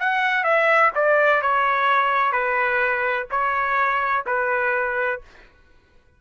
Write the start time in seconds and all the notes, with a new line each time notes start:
0.00 F#5
0.44 E5
0.95 D5
1.42 C#5
2.33 B4
3.31 C#5
4.27 B4